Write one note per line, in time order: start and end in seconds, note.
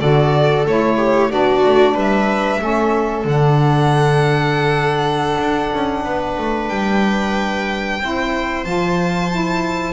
0.00 0.66 D3
0.00 0.65 F#4
0.00 0.98 A4
0.00 0.65 D5
0.66 1.31 A3
0.66 1.30 E4
0.66 1.32 C#5
0.98 1.30 G4
1.30 1.64 B3
1.30 2.59 D4
1.30 1.94 F#4
1.30 1.97 D5
1.66 1.95 A3
1.94 2.60 G3
1.94 2.59 B4
1.94 3.27 E5
2.59 3.25 A3
2.59 3.24 C#4
2.59 6.04 A4
3.25 5.37 D3
3.25 8.00 D4
3.25 6.69 F#5
5.39 5.72 D4
5.74 6.05 C#4
6.05 6.37 B3
6.05 8.00 B4
6.38 6.70 A3
6.69 8.00 G3
6.69 8.65 G5
8.00 8.65 C4
8.00 8.65 E4
8.00 9.93 C5
8.65 9.93 F3
8.65 9.30 F4
8.65 9.93 A5
9.31 9.93 E4